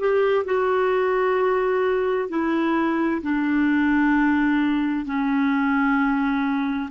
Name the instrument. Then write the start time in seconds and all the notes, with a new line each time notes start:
clarinet
0.00 G4
0.45 F#4
2.30 E4
3.23 D4
5.06 C#4